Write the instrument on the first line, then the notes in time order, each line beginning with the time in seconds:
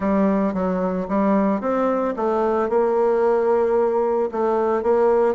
bassoon
0.00 G3
0.53 F#3
1.08 G3
1.60 C4
2.16 A3
2.69 A#3
4.31 A3
4.82 A#3